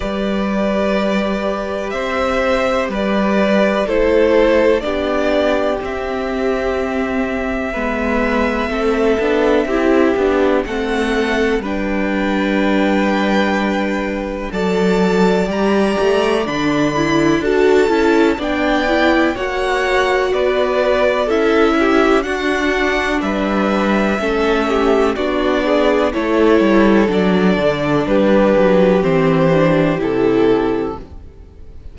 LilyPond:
<<
  \new Staff \with { instrumentName = "violin" } { \time 4/4 \tempo 4 = 62 d''2 e''4 d''4 | c''4 d''4 e''2~ | e''2. fis''4 | g''2. a''4 |
ais''4 b''4 a''4 g''4 | fis''4 d''4 e''4 fis''4 | e''2 d''4 cis''4 | d''4 b'4 c''4 a'4 | }
  \new Staff \with { instrumentName = "violin" } { \time 4/4 b'2 c''4 b'4 | a'4 g'2. | b'4 a'4 g'4 a'4 | b'2. d''4~ |
d''2 a'4 d''4 | cis''4 b'4 a'8 g'8 fis'4 | b'4 a'8 g'8 fis'8 gis'8 a'4~ | a'4 g'2. | }
  \new Staff \with { instrumentName = "viola" } { \time 4/4 g'1 | e'4 d'4 c'2 | b4 c'8 d'8 e'8 d'8 c'4 | d'2. a'4 |
g'4 d'8 e'8 fis'8 e'8 d'8 e'8 | fis'2 e'4 d'4~ | d'4 cis'4 d'4 e'4 | d'2 c'8 d'8 e'4 | }
  \new Staff \with { instrumentName = "cello" } { \time 4/4 g2 c'4 g4 | a4 b4 c'2 | gis4 a8 b8 c'8 b8 a4 | g2. fis4 |
g8 a8 d4 d'8 cis'8 b4 | ais4 b4 cis'4 d'4 | g4 a4 b4 a8 g8 | fis8 d8 g8 fis8 e4 c4 | }
>>